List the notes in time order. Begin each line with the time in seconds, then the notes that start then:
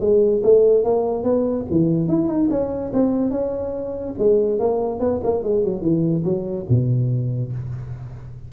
0.00 G#3
0.43 A3
0.84 A#3
1.23 B3
1.70 E3
2.08 E4
2.28 D#4
2.50 C#4
2.93 C4
3.31 C#4
4.18 G#3
4.59 A#3
4.99 B3
5.23 A#3
5.43 G#3
5.64 F#3
5.81 E3
6.24 F#3
6.69 B2